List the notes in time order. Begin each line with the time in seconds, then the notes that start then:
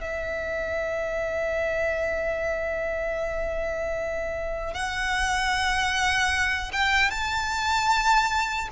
0.00 E5
4.74 F#5
6.72 G5
7.10 A5